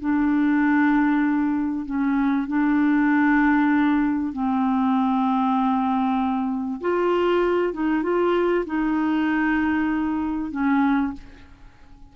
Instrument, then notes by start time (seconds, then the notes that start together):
clarinet
0.00 D4
1.86 C#4
2.48 D4
4.33 C4
6.81 F4
7.73 D#4
8.03 F4
8.66 D#4
10.51 C#4